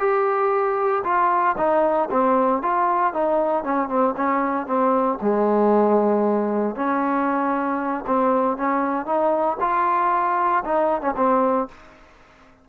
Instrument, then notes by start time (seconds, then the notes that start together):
trombone
0.00 G4
1.04 F4
1.58 D#4
2.11 C4
2.63 F4
3.14 D#4
3.64 C#4
3.89 C4
4.17 C#4
4.67 C4
5.22 G#3
6.76 C#4
8.07 C4
8.57 C#4
9.06 D#4
9.61 F4
10.65 D#4
11.02 C#4
11.17 C4